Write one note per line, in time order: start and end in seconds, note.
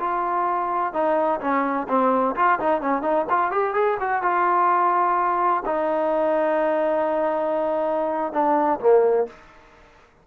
0.00 0.94 F4
0.94 1.41 D#4
1.41 1.88 C#4
1.89 2.36 C4
2.36 2.60 F4
2.60 2.82 D#4
2.82 3.03 C#4
3.03 3.26 D#4
3.30 3.52 F4
3.52 3.75 G4
3.75 3.98 G#4
4.01 4.23 F#4
4.23 5.64 F4
5.66 8.33 D#4
8.33 8.80 D4
8.80 9.27 A#3